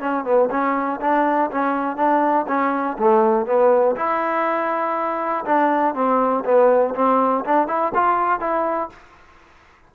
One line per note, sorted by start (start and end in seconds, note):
0.00 0.25 C#4
0.25 0.49 B3
0.50 1.00 C#4
1.01 1.50 D4
1.51 1.97 C#4
1.97 2.46 D4
2.48 2.97 C#4
2.99 3.46 A3
3.46 3.96 B3
3.96 5.45 E4
5.45 5.94 D4
5.94 6.44 C4
6.45 6.95 B3
6.95 7.44 C4
7.45 7.67 D4
7.67 7.92 E4
7.94 8.40 F4
8.40 8.90 E4